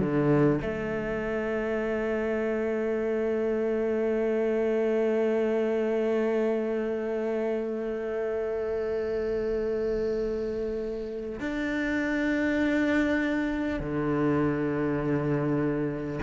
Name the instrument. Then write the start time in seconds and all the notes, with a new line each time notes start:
cello
0.00 D3
0.61 A3
11.39 D4
13.79 D3